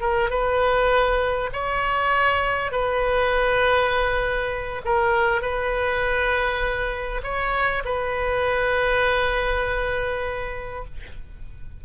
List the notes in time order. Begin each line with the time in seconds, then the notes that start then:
0.00 A#4
0.30 B4
1.52 C#5
2.72 B4
4.85 A#4
5.41 B4
7.23 C#5
7.85 B4